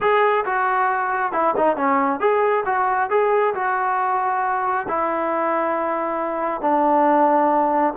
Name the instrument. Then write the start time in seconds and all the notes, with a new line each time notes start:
trombone
0.00 G#4
0.45 F#4
1.32 E4
1.56 D#4
1.76 C#4
2.20 G#4
2.65 F#4
3.10 G#4
3.54 F#4
4.88 E4
6.61 D4